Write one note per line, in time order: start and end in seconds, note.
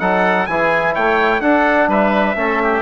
0.00 0.48 F#3
0.00 0.47 D#4
0.00 0.48 A4
0.00 0.46 F#5
0.46 0.95 E3
0.46 1.42 E4
0.46 0.95 G#4
0.46 0.94 G#5
0.95 1.41 A3
0.95 1.42 C#5
0.95 1.42 G5
1.41 1.88 D4
1.41 2.36 D4
1.41 1.89 A4
1.41 1.89 F#5
1.88 2.36 G3
1.88 2.37 B4
1.88 2.83 E5
2.36 2.83 A3
2.36 2.83 C#4
2.36 2.63 A4
2.63 2.83 G4